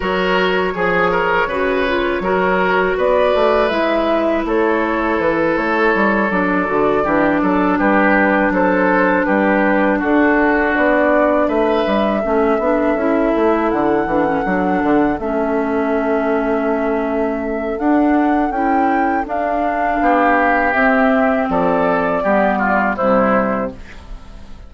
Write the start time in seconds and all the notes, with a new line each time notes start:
0.00 F#3 F#4 A#4 C#5
0.74 F3 G#4
1.11 A#4
1.46 C#3 F#4 B4
1.87 F4
2.19 F#3 F#4 A#4
2.97 B3 B4 D5
3.34 A3
3.68 G#3 E4 E5
4.45 A3 A4 C#5
5.19 E3 B4
5.57 A3 C#5
5.94 G3
6.30 F#3 D4 D5
6.66 D3 F#4
7.03 E3 D4 G4
7.42 F#3 A4
7.78 G3 G4 B4
8.50 F#3 A4 C5
9.24 G3 G4 B4
9.98 D4 F#4 A4
10.75 B3 D5
11.48 A3 B4 E5
11.86 G3
12.20 A3 C#4 A4
12.58 B3 D4
12.95 C#4 E4
13.35 A3
13.70 D3 F#5
14.06 E3 D4
14.24 C#4
14.45 F#3 D4
14.83 D3
15.19 A3 C#4 E5
17.79 D4 F#5
18.50 C#4 E4 G5
19.24 D4 F5
20.00 B3 G4
20.72 C4 E5
21.49 F3 A4 D5
22.23 G3 B3 G4
22.58 F4
22.96 C3 G3 E4 C5